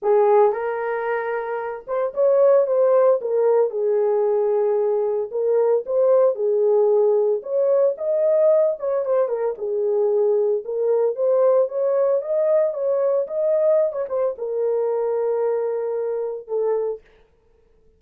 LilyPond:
\new Staff \with { instrumentName = "horn" } { \time 4/4 \tempo 4 = 113 gis'4 ais'2~ ais'8 c''8 | cis''4 c''4 ais'4 gis'4~ | gis'2 ais'4 c''4 | gis'2 cis''4 dis''4~ |
dis''8 cis''8 c''8 ais'8 gis'2 | ais'4 c''4 cis''4 dis''4 | cis''4 dis''4~ dis''16 cis''16 c''8 ais'4~ | ais'2. a'4 | }